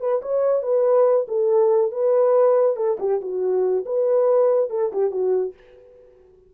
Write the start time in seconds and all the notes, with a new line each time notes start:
0.00 B4
0.22 C#5
0.62 B4
1.28 A4
1.91 B4
2.76 A4
3.00 G4
3.21 F#4
3.85 B4
4.70 A4
4.92 G4
5.11 F#4